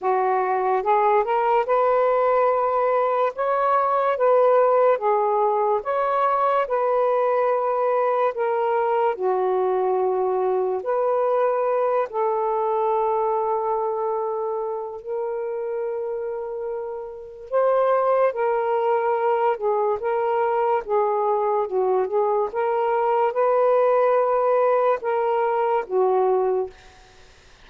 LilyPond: \new Staff \with { instrumentName = "saxophone" } { \time 4/4 \tempo 4 = 72 fis'4 gis'8 ais'8 b'2 | cis''4 b'4 gis'4 cis''4 | b'2 ais'4 fis'4~ | fis'4 b'4. a'4.~ |
a'2 ais'2~ | ais'4 c''4 ais'4. gis'8 | ais'4 gis'4 fis'8 gis'8 ais'4 | b'2 ais'4 fis'4 | }